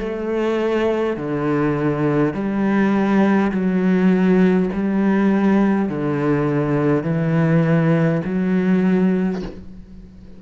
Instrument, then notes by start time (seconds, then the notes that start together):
cello
0.00 A3
1.17 D3
2.34 G3
3.52 F#3
4.73 G3
5.90 D3
7.04 E3
8.25 F#3